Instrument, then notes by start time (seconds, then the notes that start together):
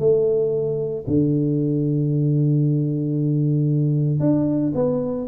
tuba
0.00 A3
1.08 D3
4.20 D4
4.75 B3